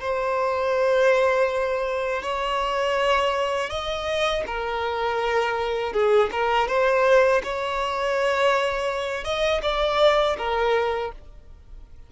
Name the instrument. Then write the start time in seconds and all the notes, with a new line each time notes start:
violin
0.00 C5
2.22 C#5
3.69 D#5
4.46 A#4
5.93 G#4
6.31 A#4
6.67 C5
7.43 C#5
9.24 D#5
9.62 D5
10.37 A#4